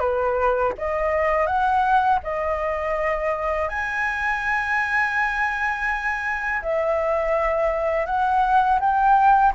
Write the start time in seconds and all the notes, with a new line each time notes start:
0.00 B4
0.78 D#5
1.47 F#5
2.24 D#5
3.69 G#5
6.63 E5
8.07 F#5
8.80 G5